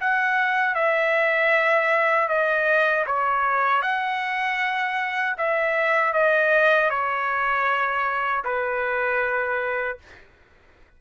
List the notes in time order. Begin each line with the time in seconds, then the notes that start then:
0.00 F#5
0.74 E5
2.28 D#5
3.06 C#5
3.82 F#5
5.37 E5
6.13 D#5
6.90 C#5
8.44 B4